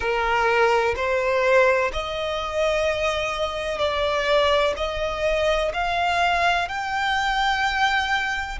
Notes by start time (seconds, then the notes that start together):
0.00 A#4
0.95 C5
1.92 D#5
3.78 D5
4.76 D#5
5.73 F5
6.68 G5